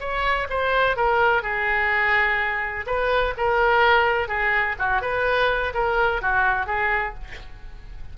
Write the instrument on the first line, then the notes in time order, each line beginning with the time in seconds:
oboe
0.00 C#5
0.50 C5
0.97 A#4
1.43 G#4
2.87 B4
3.37 A#4
4.28 G#4
4.79 F#4
5.02 B4
5.74 A#4
6.22 F#4
6.66 G#4